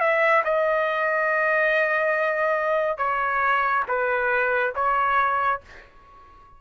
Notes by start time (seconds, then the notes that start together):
0.00 E5
0.44 D#5
2.98 C#5
3.88 B4
4.75 C#5